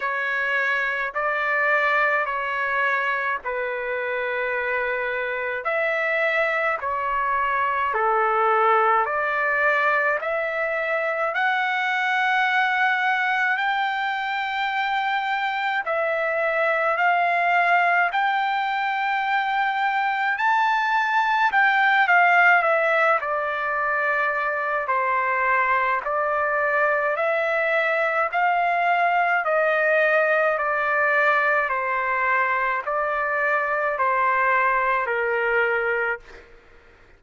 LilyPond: \new Staff \with { instrumentName = "trumpet" } { \time 4/4 \tempo 4 = 53 cis''4 d''4 cis''4 b'4~ | b'4 e''4 cis''4 a'4 | d''4 e''4 fis''2 | g''2 e''4 f''4 |
g''2 a''4 g''8 f''8 | e''8 d''4. c''4 d''4 | e''4 f''4 dis''4 d''4 | c''4 d''4 c''4 ais'4 | }